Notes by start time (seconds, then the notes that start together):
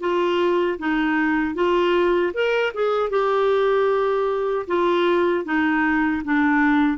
0.00 F4
0.79 D#4
1.55 F4
2.33 A#4
2.74 G#4
3.10 G4
4.67 F4
5.44 D#4
6.24 D4